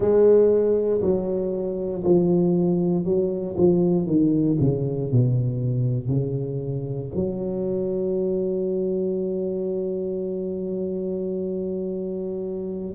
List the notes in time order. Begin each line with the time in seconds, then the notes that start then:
0.00 G#3
1.01 F#3
2.03 F3
3.05 F#3
3.57 F3
4.06 D#3
4.60 C#3
5.11 B2
6.08 C#3
7.14 F#3